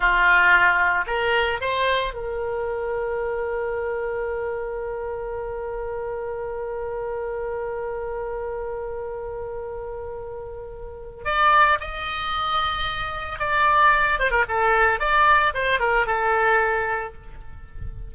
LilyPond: \new Staff \with { instrumentName = "oboe" } { \time 4/4 \tempo 4 = 112 f'2 ais'4 c''4 | ais'1~ | ais'1~ | ais'1~ |
ais'1~ | ais'4 d''4 dis''2~ | dis''4 d''4. c''16 ais'16 a'4 | d''4 c''8 ais'8 a'2 | }